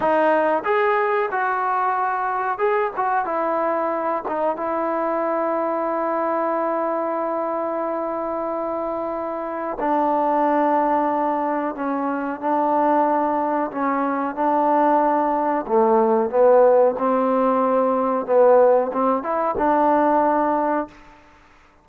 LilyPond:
\new Staff \with { instrumentName = "trombone" } { \time 4/4 \tempo 4 = 92 dis'4 gis'4 fis'2 | gis'8 fis'8 e'4. dis'8 e'4~ | e'1~ | e'2. d'4~ |
d'2 cis'4 d'4~ | d'4 cis'4 d'2 | a4 b4 c'2 | b4 c'8 e'8 d'2 | }